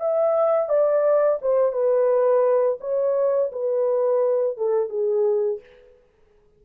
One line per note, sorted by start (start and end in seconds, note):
0.00 0.69 E5
0.69 1.40 D5
1.42 1.73 C5
1.73 2.79 B4
2.81 3.52 C#5
3.53 4.58 B4
4.58 4.90 A4
4.90 5.61 G#4